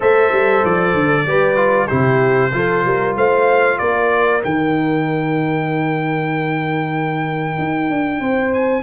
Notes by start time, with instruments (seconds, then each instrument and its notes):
0.00 tuba A3, trombone A4, horn C5, trumpet E5
0.32 tuba G3
0.64 tuba F3, trumpet D5
0.94 tuba D3
1.25 tuba G3, trombone G4, horn B4
1.56 trombone F4
1.87 tuba C3, trombone E4, horn G4, trumpet C5
2.53 tuba F3, trombone F4, horn A4
2.84 tuba G3, horn A#4
3.16 tuba A3, horn C5, trumpet F5
3.78 tuba A#3, horn A#4, trumpet D5
4.41 tuba D#3, trombone D#4, trumpet G5
7.58 tuba D#4
7.90 tuba D4
8.20 tuba C4, horn C5
8.53 trumpet G#5